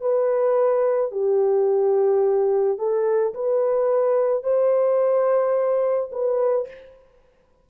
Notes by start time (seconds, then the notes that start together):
0.00 B4
1.11 G4
2.78 A4
3.34 B4
4.43 C5
6.12 B4